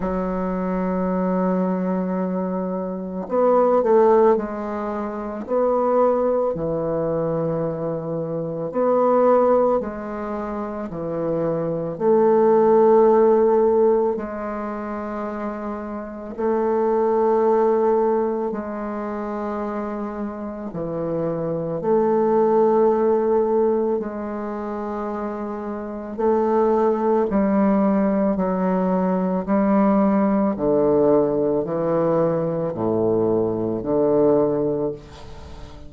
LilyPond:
\new Staff \with { instrumentName = "bassoon" } { \time 4/4 \tempo 4 = 55 fis2. b8 a8 | gis4 b4 e2 | b4 gis4 e4 a4~ | a4 gis2 a4~ |
a4 gis2 e4 | a2 gis2 | a4 g4 fis4 g4 | d4 e4 a,4 d4 | }